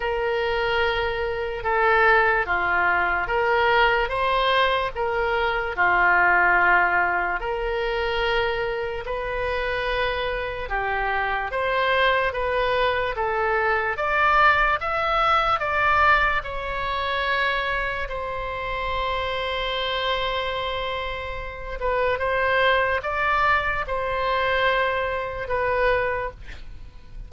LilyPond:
\new Staff \with { instrumentName = "oboe" } { \time 4/4 \tempo 4 = 73 ais'2 a'4 f'4 | ais'4 c''4 ais'4 f'4~ | f'4 ais'2 b'4~ | b'4 g'4 c''4 b'4 |
a'4 d''4 e''4 d''4 | cis''2 c''2~ | c''2~ c''8 b'8 c''4 | d''4 c''2 b'4 | }